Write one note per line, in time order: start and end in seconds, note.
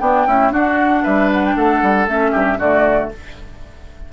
0.00 0.26 B3
0.00 0.26 D4
0.00 0.52 G5
0.26 0.51 A3
0.26 0.51 C#4
0.26 0.52 E4
0.51 2.06 D4
0.51 1.03 D4
0.51 1.03 F#4
0.51 1.04 F#5
1.03 1.55 G3
1.03 1.55 B4
1.03 1.30 E5
1.32 1.45 F#5
1.45 1.56 G5
1.55 1.81 A3
1.55 2.31 A4
1.55 2.07 F#5
1.82 2.07 G3
2.07 2.33 A3
2.07 2.59 C#4
2.07 2.59 E5
2.31 2.59 G2
2.31 2.57 G4
2.58 3.11 D3
2.58 3.12 A3
2.58 3.10 F#4
2.58 3.11 D5